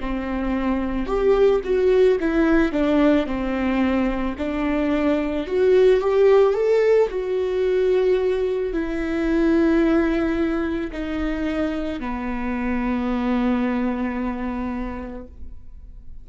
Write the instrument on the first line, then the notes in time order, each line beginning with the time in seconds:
viola
0.00 C4
1.06 G4
1.64 F#4
2.20 E4
2.72 D4
3.26 C4
4.38 D4
5.47 F#4
6.00 G4
6.55 A4
7.09 F#4
8.73 E4
10.92 D#4
12.00 B3